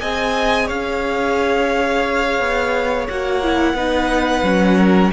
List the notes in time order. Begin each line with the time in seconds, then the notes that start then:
0.00 C4 G#4 D#5 G#5
0.67 C#4 C#5 F5
2.39 B3
3.08 A#3 F#4 F#5
3.43 E4
3.74 B3 D#4 B4
4.43 F#3 C#4
4.78 A#4